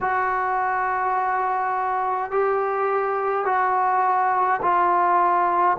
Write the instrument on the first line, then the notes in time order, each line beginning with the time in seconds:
trombone
0.01 F#4
2.31 G4
3.45 F#4
4.62 F4